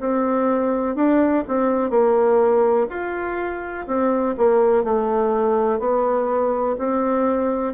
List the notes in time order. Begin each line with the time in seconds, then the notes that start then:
0.00 C4
0.96 D4
1.48 C4
1.90 A#3
2.89 F4
3.87 C4
4.38 A#3
4.84 A3
5.80 B3
6.79 C4